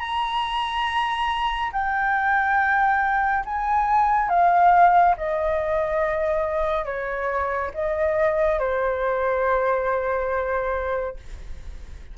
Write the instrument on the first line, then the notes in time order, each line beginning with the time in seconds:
flute
0.00 A#5
1.73 G5
3.45 G#5
4.30 F5
5.17 D#5
6.85 C#5
7.74 D#5
8.59 C5